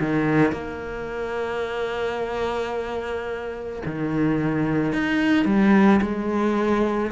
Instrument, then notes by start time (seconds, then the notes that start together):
cello
0.00 D#3
0.52 A#3
3.86 D#3
4.93 D#4
5.45 G3
6.02 G#3